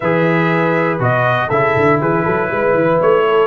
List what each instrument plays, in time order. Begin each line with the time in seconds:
0.00 tuba E3, trombone G#4, horn B4, trumpet E5
0.99 tuba B2, trombone F#4, trumpet D#5
1.48 tuba C#3, trombone E4, horn A4, trumpet E5
1.76 tuba D3
2.00 tuba E3, horn G#4, trumpet B4
2.24 tuba F#3, horn A4
2.50 tuba G#3, horn B4
2.74 tuba E3
3.01 tuba A3, trumpet C#5
3.27 horn A4